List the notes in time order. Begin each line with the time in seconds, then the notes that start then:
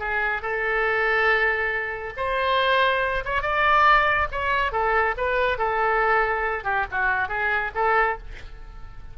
0.00 G#4
0.42 A4
2.17 C5
3.25 C#5
3.42 D5
4.32 C#5
4.72 A4
5.17 B4
5.58 A4
6.64 G4
6.91 F#4
7.29 G#4
7.75 A4